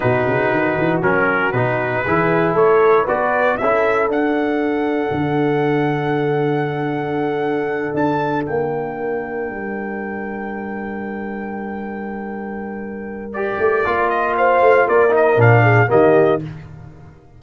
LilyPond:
<<
  \new Staff \with { instrumentName = "trumpet" } { \time 4/4 \tempo 4 = 117 b'2 ais'4 b'4~ | b'4 cis''4 d''4 e''4 | fis''1~ | fis''2.~ fis''8 a''8~ |
a''8 g''2.~ g''8~ | g''1~ | g''2 d''4. dis''8 | f''4 d''8 dis''8 f''4 dis''4 | }
  \new Staff \with { instrumentName = "horn" } { \time 4/4 fis'1 | gis'4 a'4 b'4 a'4~ | a'1~ | a'1~ |
a'4 ais'2.~ | ais'1~ | ais'1 | c''4 ais'4. gis'8 g'4 | }
  \new Staff \with { instrumentName = "trombone" } { \time 4/4 dis'2 cis'4 dis'4 | e'2 fis'4 e'4 | d'1~ | d'1~ |
d'1~ | d'1~ | d'2 g'4 f'4~ | f'4. dis'8 d'4 ais4 | }
  \new Staff \with { instrumentName = "tuba" } { \time 4/4 b,8 cis8 dis8 e8 fis4 b,4 | e4 a4 b4 cis'4 | d'2 d2~ | d2.~ d8 d'8~ |
d'8 ais2 g4.~ | g1~ | g2~ g8 a8 ais4~ | ais8 a8 ais4 ais,4 dis4 | }
>>